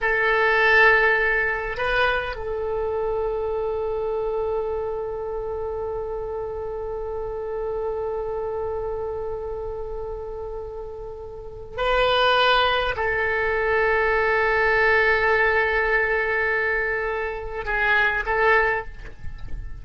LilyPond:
\new Staff \with { instrumentName = "oboe" } { \time 4/4 \tempo 4 = 102 a'2. b'4 | a'1~ | a'1~ | a'1~ |
a'1 | b'2 a'2~ | a'1~ | a'2 gis'4 a'4 | }